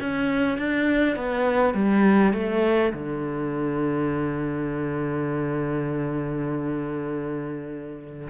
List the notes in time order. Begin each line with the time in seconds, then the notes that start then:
0.00 C#4
0.58 D4
1.16 B3
1.74 G3
2.33 A3
2.93 D3